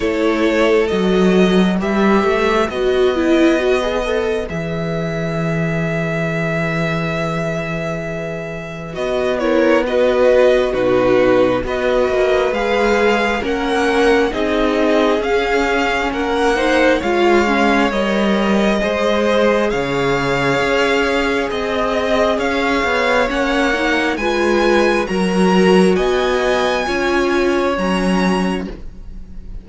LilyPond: <<
  \new Staff \with { instrumentName = "violin" } { \time 4/4 \tempo 4 = 67 cis''4 dis''4 e''4 dis''4~ | dis''4 e''2.~ | e''2 dis''8 cis''8 dis''4 | b'4 dis''4 f''4 fis''4 |
dis''4 f''4 fis''4 f''4 | dis''2 f''2 | dis''4 f''4 fis''4 gis''4 | ais''4 gis''2 ais''4 | }
  \new Staff \with { instrumentName = "violin" } { \time 4/4 a'2 b'2~ | b'1~ | b'2~ b'8 ais'8 b'4 | fis'4 b'2 ais'4 |
gis'2 ais'8 c''8 cis''4~ | cis''4 c''4 cis''2 | dis''4 cis''2 b'4 | ais'4 dis''4 cis''2 | }
  \new Staff \with { instrumentName = "viola" } { \time 4/4 e'4 fis'4 g'4 fis'8 e'8 | fis'16 gis'16 a'8 gis'2.~ | gis'2 fis'8 e'8 fis'4 | dis'4 fis'4 gis'4 cis'4 |
dis'4 cis'4. dis'8 f'8 cis'8 | ais'4 gis'2.~ | gis'2 cis'8 dis'8 f'4 | fis'2 f'4 cis'4 | }
  \new Staff \with { instrumentName = "cello" } { \time 4/4 a4 fis4 g8 a8 b4~ | b4 e2.~ | e2 b2 | b,4 b8 ais8 gis4 ais4 |
c'4 cis'4 ais4 gis4 | g4 gis4 cis4 cis'4 | c'4 cis'8 b8 ais4 gis4 | fis4 b4 cis'4 fis4 | }
>>